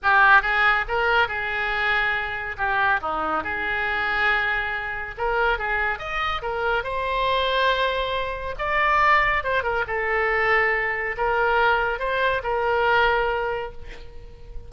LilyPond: \new Staff \with { instrumentName = "oboe" } { \time 4/4 \tempo 4 = 140 g'4 gis'4 ais'4 gis'4~ | gis'2 g'4 dis'4 | gis'1 | ais'4 gis'4 dis''4 ais'4 |
c''1 | d''2 c''8 ais'8 a'4~ | a'2 ais'2 | c''4 ais'2. | }